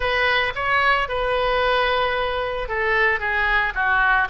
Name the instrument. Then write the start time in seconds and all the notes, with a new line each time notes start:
oboe
0.00 B4
0.55 C#5
1.08 B4
2.68 A4
3.19 G#4
3.74 F#4